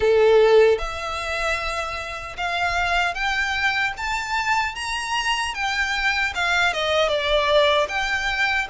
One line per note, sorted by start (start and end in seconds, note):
0.00 0.78 A4
0.78 2.36 E5
2.37 3.14 F5
3.14 3.93 G5
3.97 4.75 A5
4.75 5.54 A#5
5.54 6.33 G5
6.34 6.73 F5
6.73 7.08 D#5
7.08 7.87 D5
7.88 8.67 G5